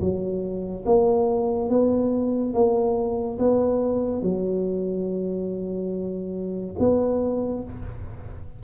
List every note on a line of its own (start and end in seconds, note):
0.00 0.85 F#3
0.85 1.69 A#3
1.69 2.54 B3
2.54 3.38 A#3
3.38 4.22 B3
4.22 6.76 F#3
6.79 7.63 B3